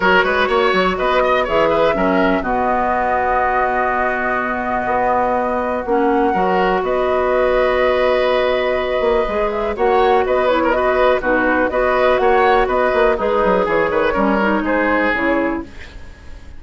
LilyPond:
<<
  \new Staff \with { instrumentName = "flute" } { \time 4/4 \tempo 4 = 123 cis''2 dis''4 e''4~ | e''4 dis''2.~ | dis''1 | fis''2 dis''2~ |
dis''2.~ dis''8 e''8 | fis''4 dis''8 cis''8 dis''4 b'4 | dis''4 fis''4 dis''4 b'4 | cis''2 c''4 cis''4 | }
  \new Staff \with { instrumentName = "oboe" } { \time 4/4 ais'8 b'8 cis''4 b'8 dis''8 cis''8 b'8 | ais'4 fis'2.~ | fis'1~ | fis'4 ais'4 b'2~ |
b'1 | cis''4 b'8. ais'16 b'4 fis'4 | b'4 cis''4 b'4 dis'4 | gis'8 b'8 ais'4 gis'2 | }
  \new Staff \with { instrumentName = "clarinet" } { \time 4/4 fis'2. gis'4 | cis'4 b2.~ | b1 | cis'4 fis'2.~ |
fis'2. gis'4 | fis'4. e'8 fis'4 dis'4 | fis'2. gis'4~ | gis'4 cis'8 dis'4. e'4 | }
  \new Staff \with { instrumentName = "bassoon" } { \time 4/4 fis8 gis8 ais8 fis8 b4 e4 | fis4 b,2.~ | b,2 b2 | ais4 fis4 b2~ |
b2~ b8 ais8 gis4 | ais4 b2 b,4 | b4 ais4 b8 ais8 gis8 fis8 | e8 dis8 g4 gis4 cis4 | }
>>